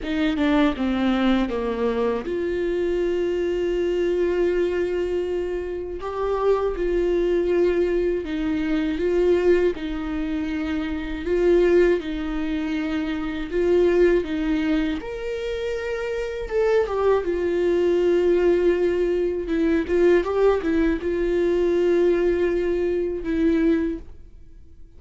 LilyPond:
\new Staff \with { instrumentName = "viola" } { \time 4/4 \tempo 4 = 80 dis'8 d'8 c'4 ais4 f'4~ | f'1 | g'4 f'2 dis'4 | f'4 dis'2 f'4 |
dis'2 f'4 dis'4 | ais'2 a'8 g'8 f'4~ | f'2 e'8 f'8 g'8 e'8 | f'2. e'4 | }